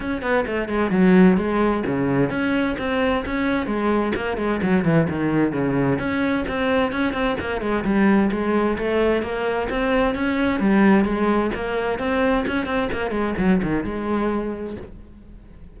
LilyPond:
\new Staff \with { instrumentName = "cello" } { \time 4/4 \tempo 4 = 130 cis'8 b8 a8 gis8 fis4 gis4 | cis4 cis'4 c'4 cis'4 | gis4 ais8 gis8 fis8 e8 dis4 | cis4 cis'4 c'4 cis'8 c'8 |
ais8 gis8 g4 gis4 a4 | ais4 c'4 cis'4 g4 | gis4 ais4 c'4 cis'8 c'8 | ais8 gis8 fis8 dis8 gis2 | }